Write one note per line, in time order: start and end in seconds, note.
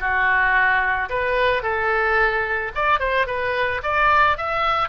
0.00 1.09 F#4
1.10 1.63 B4
1.63 2.72 A4
2.75 3.00 D5
3.00 3.27 C5
3.27 3.82 B4
3.83 4.38 D5
4.38 4.89 E5